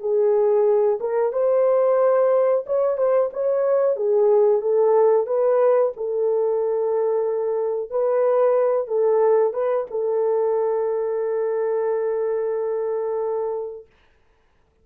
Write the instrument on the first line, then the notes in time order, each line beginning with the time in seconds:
horn
0.00 G#4
1.00 A#4
1.32 C5
2.66 C#5
2.97 C5
3.33 C#5
3.96 G#4
4.61 A4
5.27 B4
5.96 A4
7.90 B4
8.87 A4
9.53 B4
9.91 A4